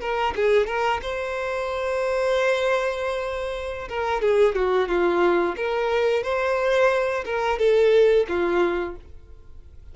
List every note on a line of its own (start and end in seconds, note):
0.00 0.34 A#4
0.35 0.66 G#4
0.66 1.00 A#4
1.01 3.88 C5
3.88 4.21 A#4
4.21 4.55 G#4
4.55 4.88 F#4
4.88 5.55 F4
5.56 6.23 A#4
6.23 7.24 C5
7.25 7.58 A#4
7.58 8.26 A4
8.28 8.95 F4